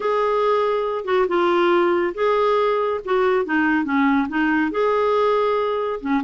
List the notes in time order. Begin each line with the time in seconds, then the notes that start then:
0.00 G#4
1.04 F#4
1.28 F4
2.14 G#4
3.04 F#4
3.45 D#4
3.84 C#4
4.28 D#4
4.71 G#4
6.00 C#4